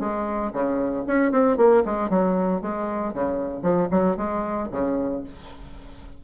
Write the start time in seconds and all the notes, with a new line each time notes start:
0.00 G#3
0.53 C#3
1.07 C#4
1.32 C4
1.57 A#3
1.85 G#3
2.10 F#3
2.62 G#3
3.14 C#3
3.63 F3
3.91 F#3
4.17 G#3
4.72 C#3